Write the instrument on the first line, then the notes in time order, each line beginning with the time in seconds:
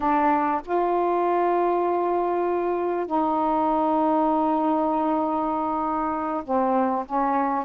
saxophone
0.00 D4
0.65 F4
3.06 D#4
6.44 C4
7.05 C#4